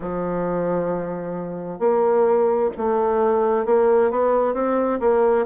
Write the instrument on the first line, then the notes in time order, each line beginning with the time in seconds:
bassoon
0.00 F3
1.79 A#3
2.77 A3
3.65 A#3
4.10 B3
4.54 C4
5.00 A#3